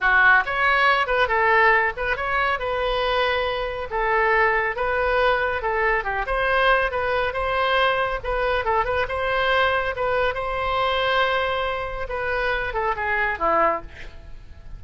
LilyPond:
\new Staff \with { instrumentName = "oboe" } { \time 4/4 \tempo 4 = 139 fis'4 cis''4. b'8 a'4~ | a'8 b'8 cis''4 b'2~ | b'4 a'2 b'4~ | b'4 a'4 g'8 c''4. |
b'4 c''2 b'4 | a'8 b'8 c''2 b'4 | c''1 | b'4. a'8 gis'4 e'4 | }